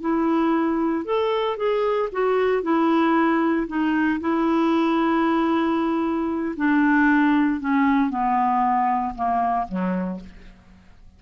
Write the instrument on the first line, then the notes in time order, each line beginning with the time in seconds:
clarinet
0.00 E4
1.05 A4
1.57 G#4
2.12 F#4
2.62 E4
3.67 D#4
4.20 E4
6.56 D4
7.60 C#4
8.10 B3
9.14 A#3
9.68 F#3